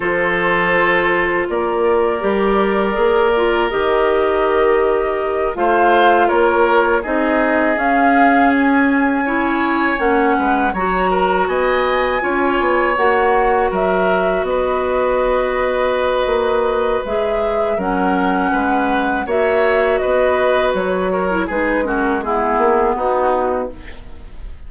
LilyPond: <<
  \new Staff \with { instrumentName = "flute" } { \time 4/4 \tempo 4 = 81 c''2 d''2~ | d''4 dis''2~ dis''8 f''8~ | f''8 cis''4 dis''4 f''4 gis''8~ | gis''4. fis''4 ais''4 gis''8~ |
gis''4. fis''4 e''4 dis''8~ | dis''2. e''4 | fis''2 e''4 dis''4 | cis''4 b'8 ais'8 gis'4 fis'4 | }
  \new Staff \with { instrumentName = "oboe" } { \time 4/4 a'2 ais'2~ | ais'2.~ ais'8 c''8~ | c''8 ais'4 gis'2~ gis'8~ | gis'8 cis''4. b'8 cis''8 ais'8 dis''8~ |
dis''8 cis''2 ais'4 b'8~ | b'1 | ais'4 b'4 cis''4 b'4~ | b'8 ais'8 gis'8 fis'8 e'4 dis'4 | }
  \new Staff \with { instrumentName = "clarinet" } { \time 4/4 f'2. g'4 | gis'8 f'8 g'2~ g'8 f'8~ | f'4. dis'4 cis'4.~ | cis'8 e'4 cis'4 fis'4.~ |
fis'8 f'4 fis'2~ fis'8~ | fis'2. gis'4 | cis'2 fis'2~ | fis'8. e'16 dis'8 cis'8 b2 | }
  \new Staff \with { instrumentName = "bassoon" } { \time 4/4 f2 ais4 g4 | ais4 dis2~ dis8 a8~ | a8 ais4 c'4 cis'4.~ | cis'4. ais8 gis8 fis4 b8~ |
b8 cis'8 b8 ais4 fis4 b8~ | b2 ais4 gis4 | fis4 gis4 ais4 b4 | fis4 gis4. ais8 b4 | }
>>